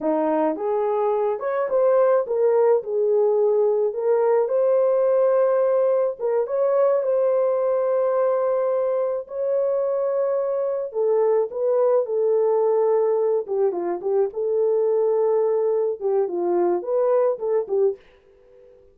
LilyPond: \new Staff \with { instrumentName = "horn" } { \time 4/4 \tempo 4 = 107 dis'4 gis'4. cis''8 c''4 | ais'4 gis'2 ais'4 | c''2. ais'8 cis''8~ | cis''8 c''2.~ c''8~ |
c''8 cis''2. a'8~ | a'8 b'4 a'2~ a'8 | g'8 f'8 g'8 a'2~ a'8~ | a'8 g'8 f'4 b'4 a'8 g'8 | }